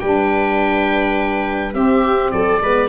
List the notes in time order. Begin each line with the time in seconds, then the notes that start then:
0.00 G3 D4 B4 G5
1.74 C4 G4 E5
2.32 F#3 A4 D5
2.62 G#3 B3 B4